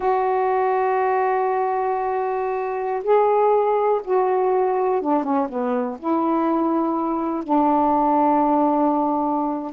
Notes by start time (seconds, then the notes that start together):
0.00 F#4
3.03 G#4
4.04 F#4
5.01 D4
5.23 C#4
5.49 B3
5.99 E4
7.43 D4